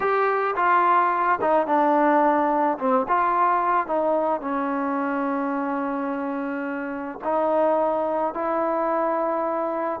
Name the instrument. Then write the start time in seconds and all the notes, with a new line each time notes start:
trombone
0.00 G4
0.56 F4
1.41 D#4
1.66 D4
2.78 C4
3.07 F4
3.86 D#4
4.40 C#4
7.24 D#4
8.33 E4